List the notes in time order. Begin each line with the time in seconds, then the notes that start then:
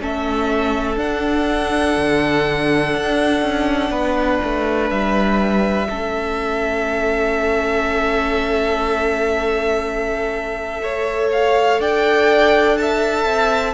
0.00 A3 C#4 A4 E5
0.96 D4 F#5
1.97 D3
2.95 D4
3.42 C#4
3.90 B3 B4
4.44 A3
4.89 G3 E5
5.89 A3 C#4 A4
10.81 A4 C#5
11.32 F5
11.79 D4 D5 G5
12.77 E5 A5
13.25 C4